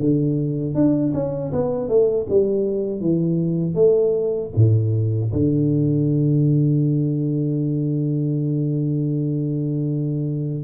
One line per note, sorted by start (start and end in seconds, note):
0.00 0.75 D3
0.75 1.13 D4
1.14 1.52 C#4
1.52 1.89 B3
1.89 2.27 A3
2.30 3.01 G3
3.01 3.75 E3
3.75 4.51 A3
4.56 5.32 A2
5.33 10.64 D3